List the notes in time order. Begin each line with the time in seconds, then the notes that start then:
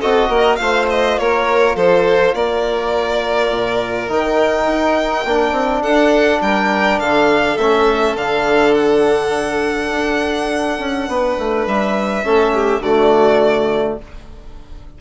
0.00 C4 F#4 A4 D#5
0.29 A#3 A#4
0.56 A3 F4 C5 F5
0.90 D#5
1.18 A#3 A#4 C#5
1.75 F3 A4 C5
2.34 A#3 A#4 D5
3.50 A#2
4.08 D#3 D#4 G5
4.67 D#4
5.25 A#3 D4
5.52 C4
5.82 D4 A4 F#5
6.41 G3 A#4 G5
7.00 D3 A4 F5
7.57 A3 C#4 E5
8.15 D3 D4 F5
8.74 F#5
9.92 D4
10.79 C#4
11.08 B3 B4
11.38 A3
11.67 G3 E5
12.23 A3 C#4 A4
12.54 G4
12.79 D3 A3 F#4 D5